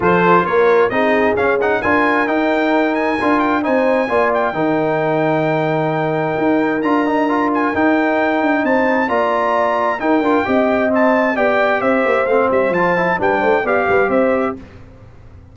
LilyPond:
<<
  \new Staff \with { instrumentName = "trumpet" } { \time 4/4 \tempo 4 = 132 c''4 cis''4 dis''4 f''8 fis''8 | gis''4 g''4. gis''4 g''8 | gis''4. g''2~ g''8~ | g''2. ais''4~ |
ais''8 gis''8 g''2 a''4 | ais''2 g''2 | a''4 g''4 e''4 f''8 e''8 | a''4 g''4 f''4 e''4 | }
  \new Staff \with { instrumentName = "horn" } { \time 4/4 a'4 ais'4 gis'2 | ais'1 | c''4 d''4 ais'2~ | ais'1~ |
ais'2. c''4 | d''2 ais'4 dis''4~ | dis''4 d''4 c''2~ | c''4 b'8 c''8 d''8 b'8 c''4 | }
  \new Staff \with { instrumentName = "trombone" } { \time 4/4 f'2 dis'4 cis'8 dis'8 | f'4 dis'2 f'4 | dis'4 f'4 dis'2~ | dis'2. f'8 dis'8 |
f'4 dis'2. | f'2 dis'8 f'8 g'4 | c'4 g'2 c'4 | f'8 e'8 d'4 g'2 | }
  \new Staff \with { instrumentName = "tuba" } { \time 4/4 f4 ais4 c'4 cis'4 | d'4 dis'2 d'4 | c'4 ais4 dis2~ | dis2 dis'4 d'4~ |
d'4 dis'4. d'8 c'4 | ais2 dis'8 d'8 c'4~ | c'4 b4 c'8 ais8 a8 g8 | f4 g8 a8 b8 g8 c'4 | }
>>